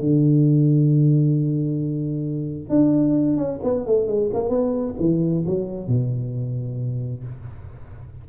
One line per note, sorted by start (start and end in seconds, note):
0.00 2.70 D3
2.70 3.37 D4
3.37 3.60 C#4
3.64 3.86 B3
3.86 4.08 A3
4.08 4.30 G#3
4.33 4.49 A#3
4.49 4.94 B3
5.00 5.45 E3
5.46 5.88 F#3
5.88 7.24 B2